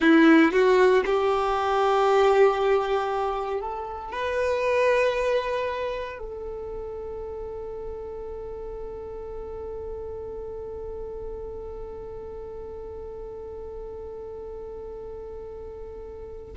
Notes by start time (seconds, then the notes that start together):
0.00 E4
0.52 F#4
1.05 G4
3.60 A4
4.11 B4
6.18 A4